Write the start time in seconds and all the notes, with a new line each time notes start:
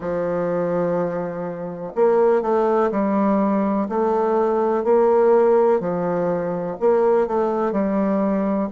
0.00 F3
1.95 A#3
2.42 A3
2.91 G3
3.88 A3
4.84 A#3
5.80 F3
6.80 A#3
7.27 A3
7.72 G3